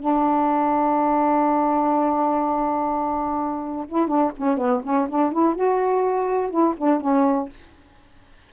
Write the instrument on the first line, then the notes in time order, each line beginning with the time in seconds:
saxophone
0.00 D4
3.89 E4
4.08 D4
4.37 C#4
4.58 B3
4.84 C#4
5.10 D4
5.33 E4
5.56 F#4
6.51 E4
6.78 D4
7.01 C#4